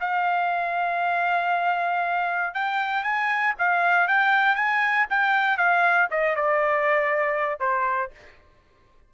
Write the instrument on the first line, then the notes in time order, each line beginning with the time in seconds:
trumpet
0.00 F5
2.54 G5
3.03 G#5
3.58 F5
4.07 G5
4.55 G#5
5.10 G5
5.57 F5
6.10 D#5
6.36 D5
7.60 C5